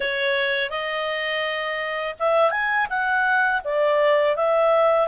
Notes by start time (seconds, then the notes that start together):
0.00 C#5
0.70 D#5
2.19 E5
2.50 G#5
2.89 F#5
3.64 D5
4.36 E5